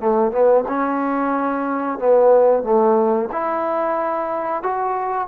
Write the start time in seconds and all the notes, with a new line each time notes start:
0.00 A3
0.32 B3
0.68 C#4
1.99 B3
2.63 A3
3.32 E4
4.63 F#4